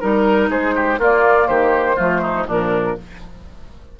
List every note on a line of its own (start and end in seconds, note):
0.00 0.49 G3
0.00 0.98 D#4
0.00 0.49 A#4
0.00 0.50 A#4
0.49 0.98 G#3
0.49 0.75 G#4
0.49 1.00 C5
0.75 0.99 G4
0.98 1.47 A#3
0.98 1.97 A#3
0.98 1.48 F4
0.98 1.47 D5
1.47 1.98 D#3
1.47 1.96 G4
1.47 2.45 C5
1.96 2.47 F3
1.96 2.46 A3
1.96 2.21 F4
2.22 2.47 D#4
2.47 2.96 A#2
2.47 2.97 F3
2.47 2.97 D4
2.47 2.99 A#4